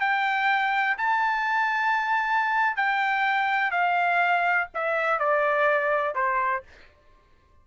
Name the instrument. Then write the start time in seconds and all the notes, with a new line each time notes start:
trumpet
0.00 G5
0.98 A5
2.77 G5
3.71 F5
4.75 E5
5.19 D5
6.15 C5